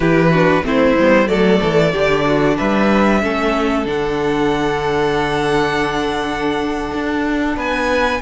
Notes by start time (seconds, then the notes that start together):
0.00 E3 E4 G4 B4
0.31 D4 F#4
0.63 A3 C4 E4 C5
0.99 G3 B3
1.26 F#3 A3 A4 D5
1.62 E3
1.92 D3 D4 G4
2.26 F#4
2.57 G3 B4 E5
3.21 A3 C#4 A4
3.85 D3 D4 F#5
6.94 D4
7.56 B3 B4 G#5